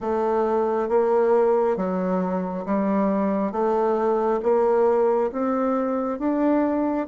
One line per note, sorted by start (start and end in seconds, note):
0.00 0.88 A3
0.88 1.76 A#3
1.76 2.65 F#3
2.65 3.52 G3
3.52 4.40 A3
4.42 5.31 A#3
5.31 6.18 C4
6.18 7.07 D4